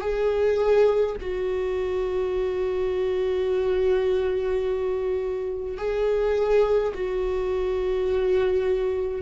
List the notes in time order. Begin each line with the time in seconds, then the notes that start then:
0.00 G#4
1.20 F#4
5.77 G#4
6.94 F#4